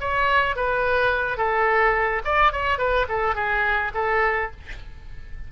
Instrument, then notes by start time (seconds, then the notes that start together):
oboe
0.00 C#5
0.56 B4
1.37 A4
2.25 D5
2.52 C#5
2.78 B4
3.08 A4
3.35 G#4
3.94 A4